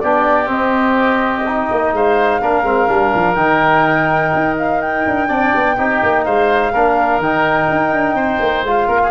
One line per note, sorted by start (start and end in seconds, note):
0.00 0.48 B3
0.00 0.45 D4
0.00 1.95 G4
0.00 0.48 D5
0.45 1.41 C4
0.45 1.68 C4
0.45 1.94 D#5
1.47 2.41 D#4
1.71 1.93 A#3
1.93 2.41 G#3
1.93 2.41 C5
1.93 3.34 F5
2.41 2.63 A#3
2.41 2.64 D4
2.41 5.28 A#4
2.63 2.87 G#3
2.63 2.88 C4
2.88 3.13 G3
2.88 3.36 D4
3.15 3.35 F3
3.34 4.32 D#3
3.34 5.28 D#4
3.34 4.54 G5
4.34 5.06 D#4
4.58 4.81 F5
4.81 6.24 G5
5.06 5.29 D4
5.28 5.53 C4
5.28 5.76 D4
5.28 5.76 D5
5.55 5.78 B3
5.76 6.02 C4
5.76 6.73 D#4
5.76 6.24 G4
6.02 6.26 A#3
6.24 6.73 G#3
6.24 6.72 C5
6.24 7.20 F5
6.72 7.18 A#3
6.72 7.22 D4
6.72 8.15 A#4
7.18 7.66 D#3
7.18 8.66 D#4
7.18 8.66 G5
7.69 7.93 D#4
7.93 8.14 D4
8.14 8.38 C4
8.14 8.87 C5
8.39 8.63 A#3
8.63 8.87 G#3
8.63 9.11 F4
8.63 9.11 F5
8.87 9.11 A#3
8.87 8.99 A#4
9.03 9.11 G#4